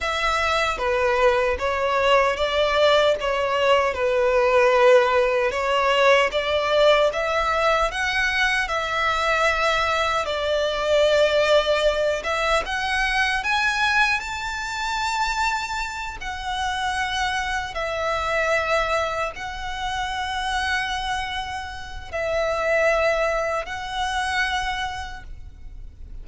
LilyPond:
\new Staff \with { instrumentName = "violin" } { \time 4/4 \tempo 4 = 76 e''4 b'4 cis''4 d''4 | cis''4 b'2 cis''4 | d''4 e''4 fis''4 e''4~ | e''4 d''2~ d''8 e''8 |
fis''4 gis''4 a''2~ | a''8 fis''2 e''4.~ | e''8 fis''2.~ fis''8 | e''2 fis''2 | }